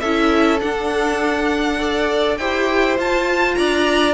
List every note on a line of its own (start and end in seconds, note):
0.00 0.62 C#4
0.00 0.60 E4
0.00 1.79 A4
0.00 0.59 E5
0.60 1.78 D4
0.60 2.39 D4
0.60 2.37 F#5
1.78 2.37 A4
1.78 2.38 D5
2.37 2.98 E4
2.37 2.97 G4
2.37 3.58 C5
2.37 2.97 G5
2.97 4.14 F4
2.97 3.57 F4
2.97 3.55 A5
3.55 4.14 D4
3.55 4.14 D5
3.55 4.14 A#5